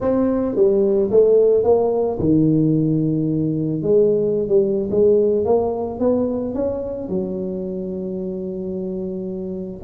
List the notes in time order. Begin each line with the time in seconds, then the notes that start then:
0.00 C4
0.55 G3
1.11 A3
1.63 A#3
2.19 D#3
3.82 G#3
4.48 G3
4.90 G#3
5.45 A#3
5.99 B3
6.54 C#4
7.08 F#3